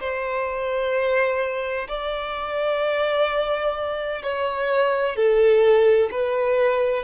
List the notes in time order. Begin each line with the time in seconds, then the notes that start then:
0.00 C5
1.88 D5
4.23 C#5
5.16 A4
6.12 B4